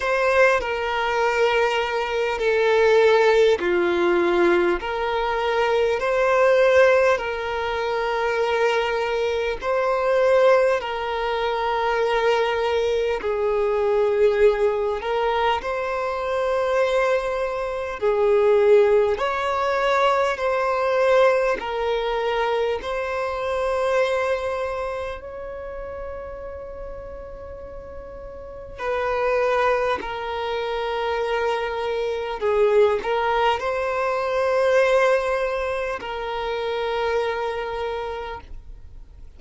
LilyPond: \new Staff \with { instrumentName = "violin" } { \time 4/4 \tempo 4 = 50 c''8 ais'4. a'4 f'4 | ais'4 c''4 ais'2 | c''4 ais'2 gis'4~ | gis'8 ais'8 c''2 gis'4 |
cis''4 c''4 ais'4 c''4~ | c''4 cis''2. | b'4 ais'2 gis'8 ais'8 | c''2 ais'2 | }